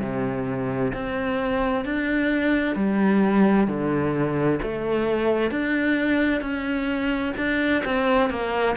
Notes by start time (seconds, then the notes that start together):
0.00 C3
0.94 C4
1.85 D4
2.76 G3
3.68 D3
4.62 A3
5.51 D4
6.41 C#4
7.37 D4
7.85 C4
8.30 A#3